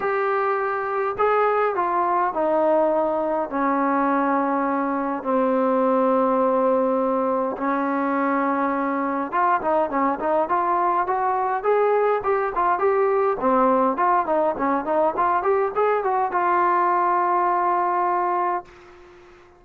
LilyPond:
\new Staff \with { instrumentName = "trombone" } { \time 4/4 \tempo 4 = 103 g'2 gis'4 f'4 | dis'2 cis'2~ | cis'4 c'2.~ | c'4 cis'2. |
f'8 dis'8 cis'8 dis'8 f'4 fis'4 | gis'4 g'8 f'8 g'4 c'4 | f'8 dis'8 cis'8 dis'8 f'8 g'8 gis'8 fis'8 | f'1 | }